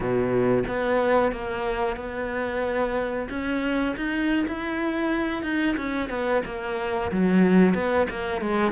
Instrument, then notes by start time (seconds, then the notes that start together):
cello
0.00 B2
0.67 B3
1.32 A#3
1.96 B3
3.29 C#4
3.96 D#4
4.47 E4
5.42 D#4
5.77 C#4
6.09 B3
6.45 A#3
7.11 F#3
7.74 B3
8.09 A#3
8.41 G#3